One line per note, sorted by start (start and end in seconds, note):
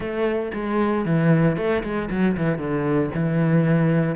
0.00 0.51 A3
0.53 1.05 G#3
1.05 1.57 E3
1.57 1.83 A3
1.83 2.09 G#3
2.10 2.36 F#3
2.36 2.58 E3
2.58 3.10 D3
3.14 4.15 E3